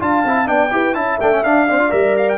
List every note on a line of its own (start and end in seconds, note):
0.00 0.25 D4
0.00 0.24 F4
0.00 0.48 F5
0.00 0.48 A5
0.25 0.48 C4
0.25 0.45 E4
0.45 0.72 B3
0.45 0.69 D4
0.45 0.72 D5
0.45 0.94 G5
0.71 0.95 E4
0.71 0.94 G4
0.71 0.96 B4
0.94 1.19 C#4
0.94 1.18 E4
0.94 1.67 E5
0.94 1.18 A5
1.21 1.44 A3
1.21 1.32 D4
1.21 1.44 G5
1.32 1.44 C#4
1.44 1.92 D4
1.44 1.68 D4
1.44 1.91 F5
1.67 1.79 C4
1.67 2.38 D5
1.79 1.90 F4
1.90 2.38 G3
1.90 2.38 A#4
1.90 2.15 E5
2.17 2.29 F5
2.29 2.38 G5